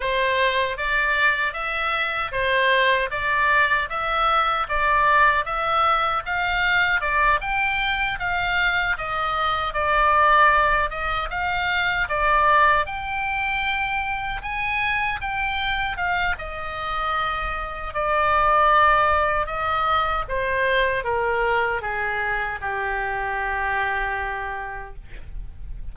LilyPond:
\new Staff \with { instrumentName = "oboe" } { \time 4/4 \tempo 4 = 77 c''4 d''4 e''4 c''4 | d''4 e''4 d''4 e''4 | f''4 d''8 g''4 f''4 dis''8~ | dis''8 d''4. dis''8 f''4 d''8~ |
d''8 g''2 gis''4 g''8~ | g''8 f''8 dis''2 d''4~ | d''4 dis''4 c''4 ais'4 | gis'4 g'2. | }